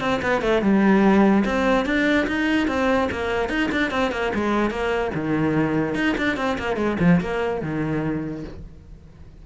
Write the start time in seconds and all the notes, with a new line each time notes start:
0.00 C4
0.22 B3
0.42 A3
0.62 G3
1.45 C4
1.85 D4
2.27 D#4
2.67 C4
3.11 A#3
3.49 D#4
3.71 D4
3.91 C4
4.12 A#3
4.34 G#3
4.70 A#3
5.14 D#3
5.95 D#4
6.18 D4
6.37 C4
6.58 A#3
6.76 G#3
7.00 F3
7.21 A#3
7.62 D#3